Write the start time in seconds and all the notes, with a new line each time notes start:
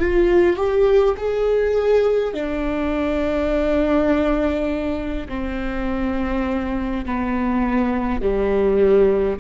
0.00 F4
0.57 G4
1.18 G#4
2.34 D4
5.29 C4
7.06 B3
8.21 G3